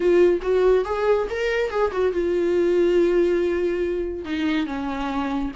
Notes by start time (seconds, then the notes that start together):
0.00 F4
0.42 F#4
0.85 G#4
1.30 A#4
1.70 G#4
1.92 F#4
2.12 F4
4.24 D#4
4.66 C#4